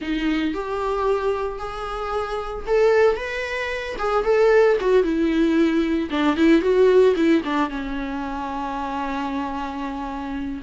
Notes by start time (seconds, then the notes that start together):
0.01 D#4
0.54 G4
1.58 G#4
2.67 A4
3.16 B4
3.98 G#4
4.24 A4
4.80 F#4
5.03 E4
6.10 D4
6.36 E4
6.61 F#4
7.16 E4
7.44 D4
7.69 C#4